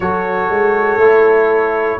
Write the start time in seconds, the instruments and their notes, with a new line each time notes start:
0.00 tuba F#3, trombone F#4, horn A4, trumpet C#5
0.49 tuba G#3
0.97 tuba A3, trombone E4